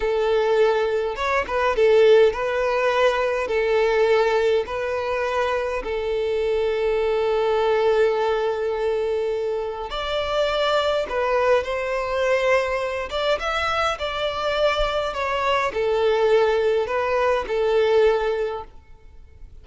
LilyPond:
\new Staff \with { instrumentName = "violin" } { \time 4/4 \tempo 4 = 103 a'2 cis''8 b'8 a'4 | b'2 a'2 | b'2 a'2~ | a'1~ |
a'4 d''2 b'4 | c''2~ c''8 d''8 e''4 | d''2 cis''4 a'4~ | a'4 b'4 a'2 | }